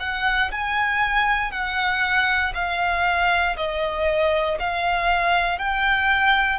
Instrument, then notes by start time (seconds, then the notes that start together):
violin
0.00 F#5
0.51 G#5
1.52 F#5
2.55 F5
3.56 D#5
4.59 F5
5.58 G5